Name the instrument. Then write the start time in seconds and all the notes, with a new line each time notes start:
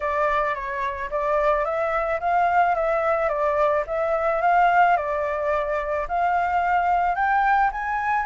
flute
0.00 D5
0.54 C#5
1.10 D5
1.64 E5
2.20 F5
2.75 E5
3.29 D5
3.87 E5
4.41 F5
4.96 D5
6.08 F5
7.15 G5
7.72 G#5